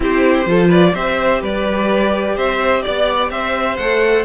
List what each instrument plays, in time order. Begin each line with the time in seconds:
0.00 cello C4, viola E4, violin G4 C5
0.46 cello F3, viola F4, violin A4
0.67 violin B4 D5
0.94 cello C4, viola G4, violin C5 E5
1.41 cello G3, violin B4 D5
2.35 cello C4, violin C5 E5
2.82 cello B3, violin D5
3.30 cello C4, violin C5 E5
3.76 cello A3, viola A4, violin F#5